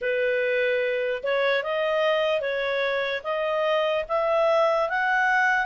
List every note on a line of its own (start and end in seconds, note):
0.01 1.22 B4
1.23 1.63 C#5
1.63 2.41 D#5
2.41 3.22 C#5
3.23 4.04 D#5
4.08 4.89 E5
4.89 5.66 F#5